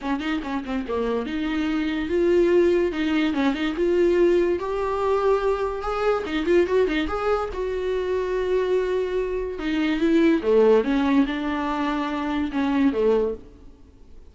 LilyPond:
\new Staff \with { instrumentName = "viola" } { \time 4/4 \tempo 4 = 144 cis'8 dis'8 cis'8 c'8 ais4 dis'4~ | dis'4 f'2 dis'4 | cis'8 dis'8 f'2 g'4~ | g'2 gis'4 dis'8 f'8 |
fis'8 dis'8 gis'4 fis'2~ | fis'2. dis'4 | e'4 a4 cis'4 d'4~ | d'2 cis'4 a4 | }